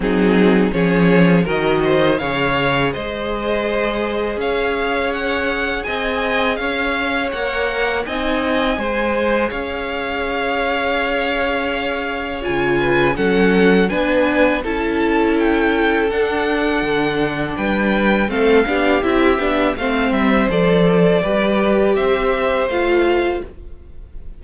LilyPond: <<
  \new Staff \with { instrumentName = "violin" } { \time 4/4 \tempo 4 = 82 gis'4 cis''4 dis''4 f''4 | dis''2 f''4 fis''4 | gis''4 f''4 fis''4 gis''4~ | gis''4 f''2.~ |
f''4 gis''4 fis''4 gis''4 | a''4 g''4 fis''2 | g''4 f''4 e''4 f''8 e''8 | d''2 e''4 f''4 | }
  \new Staff \with { instrumentName = "violin" } { \time 4/4 dis'4 gis'4 ais'8 c''8 cis''4 | c''2 cis''2 | dis''4 cis''2 dis''4 | c''4 cis''2.~ |
cis''4. b'8 a'4 b'4 | a'1 | b'4 a'8 g'4. c''4~ | c''4 b'4 c''2 | }
  \new Staff \with { instrumentName = "viola" } { \time 4/4 c'4 cis'4 fis'4 gis'4~ | gis'1~ | gis'2 ais'4 dis'4 | gis'1~ |
gis'4 f'4 cis'4 d'4 | e'2 d'2~ | d'4 c'8 d'8 e'8 d'8 c'4 | a'4 g'2 f'4 | }
  \new Staff \with { instrumentName = "cello" } { \time 4/4 fis4 f4 dis4 cis4 | gis2 cis'2 | c'4 cis'4 ais4 c'4 | gis4 cis'2.~ |
cis'4 cis4 fis4 b4 | cis'2 d'4 d4 | g4 a8 b8 c'8 b8 a8 g8 | f4 g4 c'4 a4 | }
>>